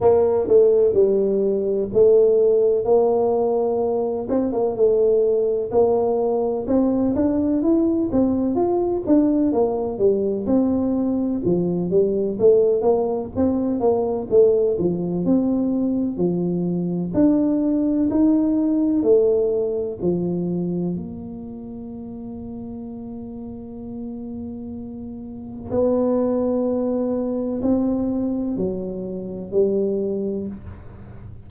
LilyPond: \new Staff \with { instrumentName = "tuba" } { \time 4/4 \tempo 4 = 63 ais8 a8 g4 a4 ais4~ | ais8 c'16 ais16 a4 ais4 c'8 d'8 | e'8 c'8 f'8 d'8 ais8 g8 c'4 | f8 g8 a8 ais8 c'8 ais8 a8 f8 |
c'4 f4 d'4 dis'4 | a4 f4 ais2~ | ais2. b4~ | b4 c'4 fis4 g4 | }